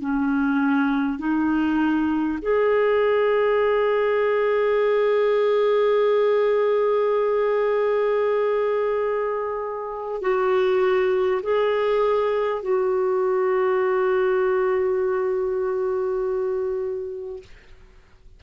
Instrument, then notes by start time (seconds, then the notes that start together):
clarinet
0.00 C#4
1.18 D#4
2.41 G#4
10.21 F#4
11.42 G#4
12.62 F#4